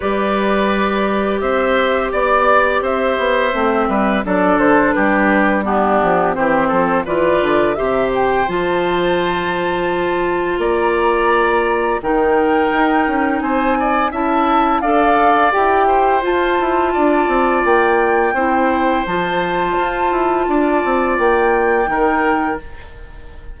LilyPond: <<
  \new Staff \with { instrumentName = "flute" } { \time 4/4 \tempo 4 = 85 d''2 e''4 d''4 | e''2 d''8 c''8 b'4 | g'4 c''4 d''4 e''8 g''8 | a''2. ais''4~ |
ais''4 g''2 gis''4 | a''4 f''4 g''4 a''4~ | a''4 g''2 a''4~ | a''2 g''2 | }
  \new Staff \with { instrumentName = "oboe" } { \time 4/4 b'2 c''4 d''4 | c''4. b'8 a'4 g'4 | d'4 g'8 a'8 b'4 c''4~ | c''2. d''4~ |
d''4 ais'2 c''8 d''8 | e''4 d''4. c''4. | d''2 c''2~ | c''4 d''2 ais'4 | }
  \new Staff \with { instrumentName = "clarinet" } { \time 4/4 g'1~ | g'4 c'4 d'2 | b4 c'4 f'4 g'4 | f'1~ |
f'4 dis'2. | e'4 a'4 g'4 f'4~ | f'2 e'4 f'4~ | f'2. dis'4 | }
  \new Staff \with { instrumentName = "bassoon" } { \time 4/4 g2 c'4 b4 | c'8 b8 a8 g8 fis8 d8 g4~ | g8 f8 e8 f8 e8 d8 c4 | f2. ais4~ |
ais4 dis4 dis'8 cis'8 c'4 | cis'4 d'4 e'4 f'8 e'8 | d'8 c'8 ais4 c'4 f4 | f'8 e'8 d'8 c'8 ais4 dis4 | }
>>